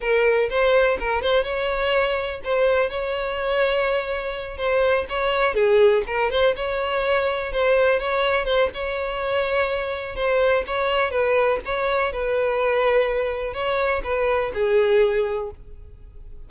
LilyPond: \new Staff \with { instrumentName = "violin" } { \time 4/4 \tempo 4 = 124 ais'4 c''4 ais'8 c''8 cis''4~ | cis''4 c''4 cis''2~ | cis''4. c''4 cis''4 gis'8~ | gis'8 ais'8 c''8 cis''2 c''8~ |
c''8 cis''4 c''8 cis''2~ | cis''4 c''4 cis''4 b'4 | cis''4 b'2. | cis''4 b'4 gis'2 | }